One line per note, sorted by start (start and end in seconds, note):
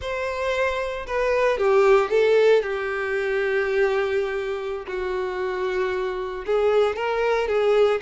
0.01 1.06 C5
1.06 1.58 B4
1.58 2.09 G4
2.09 2.62 A4
2.62 4.86 G4
4.87 6.45 F#4
6.46 6.96 G#4
6.96 7.48 A#4
7.48 8.00 G#4